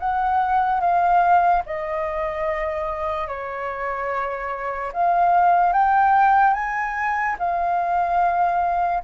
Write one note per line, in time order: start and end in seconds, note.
0.00 0.81 F#5
0.81 1.63 F5
1.66 3.28 D#5
3.28 4.92 C#5
4.93 5.73 F5
5.73 6.54 G5
6.54 7.36 G#5
7.39 9.03 F5